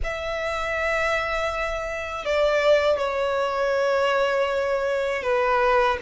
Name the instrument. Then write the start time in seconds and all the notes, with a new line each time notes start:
violin
0.03 E5
2.25 D5
2.98 C#5
5.22 B4